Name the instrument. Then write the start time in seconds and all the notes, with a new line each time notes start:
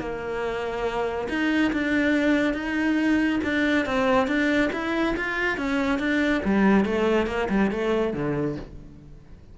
cello
0.00 A#3
1.29 D#4
1.73 D4
2.54 D#4
3.44 D4
3.86 C4
4.28 D4
4.73 E4
5.17 F4
5.58 C#4
5.99 D4
6.45 G3
6.85 A3
7.27 A#3
7.50 G3
7.71 A3
8.14 D3